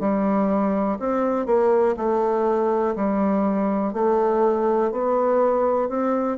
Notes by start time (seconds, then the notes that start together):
0.00 G3
1.00 C4
1.47 A#3
1.97 A3
2.96 G3
3.93 A3
4.92 B3
5.89 C4